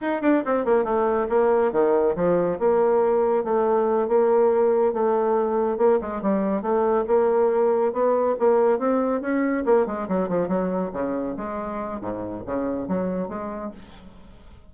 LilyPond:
\new Staff \with { instrumentName = "bassoon" } { \time 4/4 \tempo 4 = 140 dis'8 d'8 c'8 ais8 a4 ais4 | dis4 f4 ais2 | a4. ais2 a8~ | a4. ais8 gis8 g4 a8~ |
a8 ais2 b4 ais8~ | ais8 c'4 cis'4 ais8 gis8 fis8 | f8 fis4 cis4 gis4. | gis,4 cis4 fis4 gis4 | }